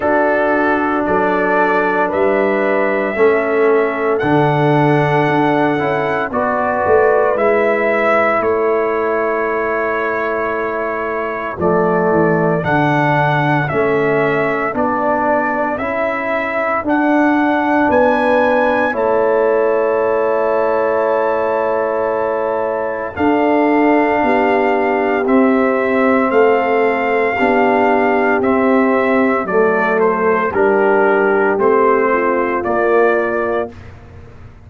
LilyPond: <<
  \new Staff \with { instrumentName = "trumpet" } { \time 4/4 \tempo 4 = 57 a'4 d''4 e''2 | fis''2 d''4 e''4 | cis''2. d''4 | fis''4 e''4 d''4 e''4 |
fis''4 gis''4 a''2~ | a''2 f''2 | e''4 f''2 e''4 | d''8 c''8 ais'4 c''4 d''4 | }
  \new Staff \with { instrumentName = "horn" } { \time 4/4 fis'4 a'4 b'4 a'4~ | a'2 b'2 | a'1~ | a'1~ |
a'4 b'4 cis''2~ | cis''2 a'4 g'4~ | g'4 a'4 g'2 | a'4 g'4. f'4. | }
  \new Staff \with { instrumentName = "trombone" } { \time 4/4 d'2. cis'4 | d'4. e'8 fis'4 e'4~ | e'2. a4 | d'4 cis'4 d'4 e'4 |
d'2 e'2~ | e'2 d'2 | c'2 d'4 c'4 | a4 d'4 c'4 ais4 | }
  \new Staff \with { instrumentName = "tuba" } { \time 4/4 d'4 fis4 g4 a4 | d4 d'8 cis'8 b8 a8 gis4 | a2. f8 e8 | d4 a4 b4 cis'4 |
d'4 b4 a2~ | a2 d'4 b4 | c'4 a4 b4 c'4 | fis4 g4 a4 ais4 | }
>>